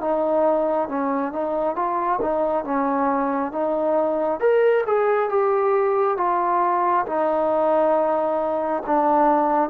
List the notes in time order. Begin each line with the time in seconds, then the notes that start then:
0.00 D#4
0.88 C#4
1.32 D#4
1.75 F4
2.21 D#4
2.64 C#4
3.52 D#4
4.40 A#4
4.86 G#4
5.29 G4
6.17 F4
7.06 D#4
8.86 D4